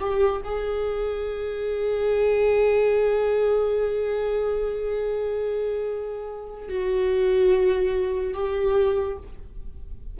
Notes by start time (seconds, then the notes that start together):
0.00 G4
0.45 G#4
6.69 F#4
8.34 G4